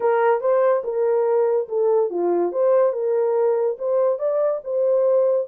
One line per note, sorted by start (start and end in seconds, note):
0.00 0.40 A#4
0.40 0.82 C5
0.84 1.68 A#4
1.68 2.10 A4
2.10 2.52 F4
2.52 2.92 C5
2.92 3.76 A#4
3.78 4.18 C5
4.18 4.60 D5
4.64 5.47 C5